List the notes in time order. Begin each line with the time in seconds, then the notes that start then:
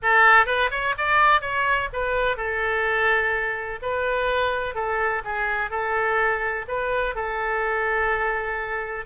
0.02 A4
0.46 B4
0.70 C#5
0.97 D5
1.41 C#5
1.92 B4
2.37 A4
3.82 B4
4.74 A4
5.24 G#4
5.70 A4
6.68 B4
7.15 A4